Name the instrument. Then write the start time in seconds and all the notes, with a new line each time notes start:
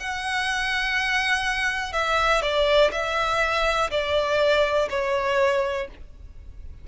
violin
0.00 F#5
1.93 E5
2.42 D5
2.92 E5
3.91 D5
4.90 C#5